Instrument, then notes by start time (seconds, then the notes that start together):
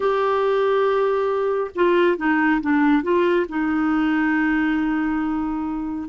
clarinet
0.00 G4
1.75 F4
2.17 D#4
2.61 D4
3.03 F4
3.48 D#4